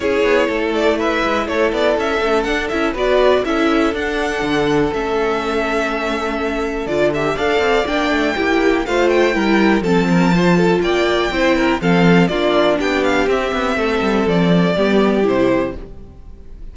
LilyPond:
<<
  \new Staff \with { instrumentName = "violin" } { \time 4/4 \tempo 4 = 122 cis''4. d''8 e''4 cis''8 d''8 | e''4 fis''8 e''8 d''4 e''4 | fis''2 e''2~ | e''2 d''8 e''8 f''4 |
g''2 f''8 g''4. | a''2 g''2 | f''4 d''4 g''8 f''8 e''4~ | e''4 d''2 c''4 | }
  \new Staff \with { instrumentName = "violin" } { \time 4/4 gis'4 a'4 b'4 a'4~ | a'2 b'4 a'4~ | a'1~ | a'2. d''4~ |
d''4 g'4 c''4 ais'4 | a'8 ais'8 c''8 a'8 d''4 c''8 ais'8 | a'4 f'4 g'2 | a'2 g'2 | }
  \new Staff \with { instrumentName = "viola" } { \time 4/4 e'1~ | e'8 cis'8 d'8 e'8 fis'4 e'4 | d'2 cis'2~ | cis'2 f'8 g'8 a'4 |
d'4 e'4 f'4 e'4 | c'4 f'2 e'4 | c'4 d'2 c'4~ | c'2 b4 e'4 | }
  \new Staff \with { instrumentName = "cello" } { \time 4/4 cis'8 b8 a4. gis8 a8 b8 | cis'8 a8 d'8 cis'8 b4 cis'4 | d'4 d4 a2~ | a2 d4 d'8 c'8 |
ais8 a8 ais4 a4 g4 | f2 ais4 c'4 | f4 ais4 b4 c'8 b8 | a8 g8 f4 g4 c4 | }
>>